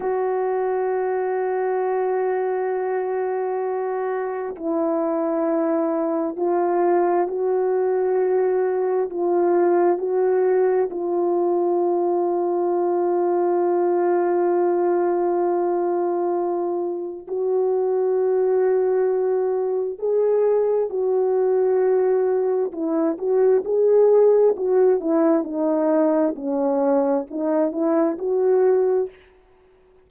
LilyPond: \new Staff \with { instrumentName = "horn" } { \time 4/4 \tempo 4 = 66 fis'1~ | fis'4 e'2 f'4 | fis'2 f'4 fis'4 | f'1~ |
f'2. fis'4~ | fis'2 gis'4 fis'4~ | fis'4 e'8 fis'8 gis'4 fis'8 e'8 | dis'4 cis'4 dis'8 e'8 fis'4 | }